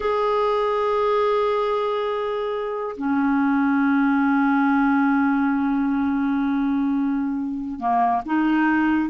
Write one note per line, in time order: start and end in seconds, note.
0.00 2.96 G#4
2.97 7.79 C#4
7.79 8.21 A#3
8.25 9.09 D#4